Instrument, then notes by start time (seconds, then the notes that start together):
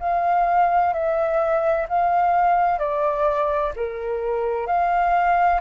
flute
0.00 F5
0.93 E5
1.89 F5
2.79 D5
3.76 A#4
4.67 F5